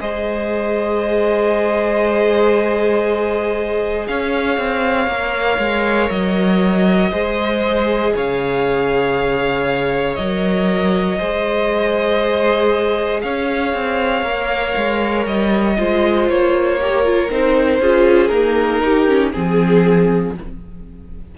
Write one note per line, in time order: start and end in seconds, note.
0.00 4.08 G#3
0.00 5.08 G#4
0.00 4.08 C5
0.00 4.08 D#5
4.08 4.58 C#4
4.08 7.11 C#5
4.08 6.10 F5
4.58 5.08 C4
5.08 5.58 A#3
5.08 7.12 A#4
5.59 6.10 G#3
6.10 7.12 F#3
6.10 8.14 D#5
7.11 8.14 G#3
7.11 10.17 G#4
7.11 8.13 C5
8.16 10.18 C#3
8.16 11.19 C#5
8.16 10.15 F5
10.15 11.20 F#3
10.15 11.19 A#4
10.15 13.21 D#5
11.19 13.24 G#3
11.19 14.24 G#4
11.19 13.22 C5
13.22 13.74 C#4
13.22 15.78 C#5
13.22 15.25 F5
13.74 14.23 C4
14.23 14.74 A#3
14.23 15.76 A#4
14.77 15.27 G#3
15.27 15.78 G3
15.27 16.29 D#5
15.77 16.29 G#3
15.77 16.78 F4
15.77 16.80 C5
16.29 17.30 A#3
16.29 17.31 C#5
16.81 17.04 G4
16.81 17.81 A#4
17.04 17.30 F4
17.30 17.80 C4
17.30 17.81 D#4
17.30 18.28 C5
17.80 18.31 C#4
17.80 18.31 F4
17.80 18.83 G#4
18.28 18.82 A#3
18.28 19.32 D#4
18.28 19.29 A#4
18.83 19.08 D#4
18.83 19.33 G4
19.08 19.33 C#4
19.33 20.38 F3
19.33 20.35 C4
19.33 20.35 G#4